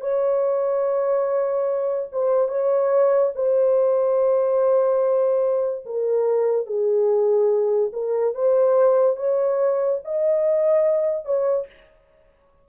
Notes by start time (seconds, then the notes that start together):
0.00 C#5
2.12 C5
2.48 C#5
3.35 C5
5.85 A#4
6.66 G#4
7.92 A#4
8.34 C5
9.16 C#5
10.04 D#5
11.25 C#5